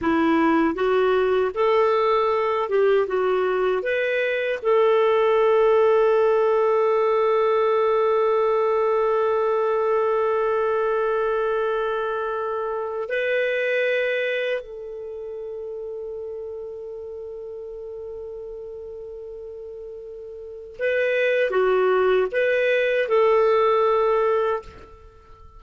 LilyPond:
\new Staff \with { instrumentName = "clarinet" } { \time 4/4 \tempo 4 = 78 e'4 fis'4 a'4. g'8 | fis'4 b'4 a'2~ | a'1~ | a'1~ |
a'4 b'2 a'4~ | a'1~ | a'2. b'4 | fis'4 b'4 a'2 | }